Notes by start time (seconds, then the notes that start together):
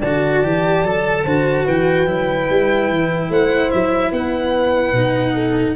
0.00 D3 F#4 D5 A5
0.43 E3 G4
0.83 F#3 A4
1.24 D3 F#4 C5
1.65 E3 B4 G5
2.07 F#3 E4
2.50 G3
2.89 E3
3.30 A3 C5 F#5
3.71 F#3 E5
4.12 B3 B4 F#5
4.93 B2 D#4
5.35 A4